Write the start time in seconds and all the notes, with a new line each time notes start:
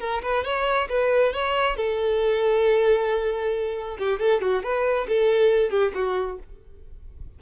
0.00 A#4
0.23 B4
0.45 C#5
0.89 B4
1.33 C#5
1.77 A4
3.99 G4
4.20 A4
4.42 F#4
4.63 B4
5.08 A4
5.70 G4
5.95 F#4